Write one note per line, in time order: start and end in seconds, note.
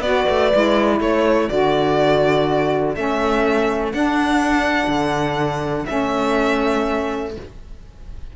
0.00 0.24 B3
0.00 0.51 F#4
0.00 0.97 B4
0.00 0.99 D5
0.29 0.53 A3
0.52 1.00 G#3
0.52 1.50 E4
0.97 1.49 A3
0.97 7.31 A4
0.97 1.49 C#5
1.49 2.96 D3
1.49 2.95 F#4
1.49 2.95 D5
2.95 3.93 A3
2.95 3.92 C#4
2.95 3.92 E5
3.92 5.86 D4
3.92 4.87 D4
3.92 5.85 F#5
4.87 5.85 D3
5.85 7.36 A3
5.85 7.32 C#4
5.85 7.32 E5